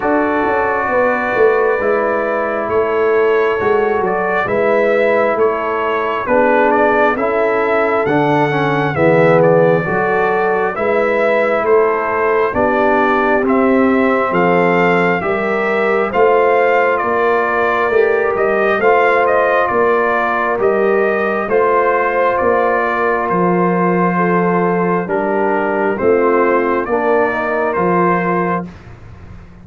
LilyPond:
<<
  \new Staff \with { instrumentName = "trumpet" } { \time 4/4 \tempo 4 = 67 d''2. cis''4~ | cis''8 d''8 e''4 cis''4 b'8 d''8 | e''4 fis''4 e''8 d''4. | e''4 c''4 d''4 e''4 |
f''4 e''4 f''4 d''4~ | d''8 dis''8 f''8 dis''8 d''4 dis''4 | c''4 d''4 c''2 | ais'4 c''4 d''4 c''4 | }
  \new Staff \with { instrumentName = "horn" } { \time 4/4 a'4 b'2 a'4~ | a'4 b'4 a'4 gis'4 | a'2 gis'4 a'4 | b'4 a'4 g'2 |
a'4 ais'4 c''4 ais'4~ | ais'4 c''4 ais'2 | c''4. ais'4. a'4 | g'4 f'4 ais'2 | }
  \new Staff \with { instrumentName = "trombone" } { \time 4/4 fis'2 e'2 | fis'4 e'2 d'4 | e'4 d'8 cis'8 b4 fis'4 | e'2 d'4 c'4~ |
c'4 g'4 f'2 | g'4 f'2 g'4 | f'1 | d'4 c'4 d'8 dis'8 f'4 | }
  \new Staff \with { instrumentName = "tuba" } { \time 4/4 d'8 cis'8 b8 a8 gis4 a4 | gis8 fis8 gis4 a4 b4 | cis'4 d4 e4 fis4 | gis4 a4 b4 c'4 |
f4 g4 a4 ais4 | a8 g8 a4 ais4 g4 | a4 ais4 f2 | g4 a4 ais4 f4 | }
>>